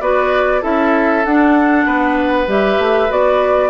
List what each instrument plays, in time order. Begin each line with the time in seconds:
0.00 bassoon B3, clarinet F#4, oboe B4, flute D5
0.61 bassoon C#4, clarinet E4, oboe A4, flute E5
1.24 bassoon D4, clarinet D4, flute F#5
1.85 bassoon B3, oboe B4
2.47 bassoon G3, clarinet G4, flute E5
2.78 bassoon A3
3.09 bassoon B3, clarinet F#4, flute D5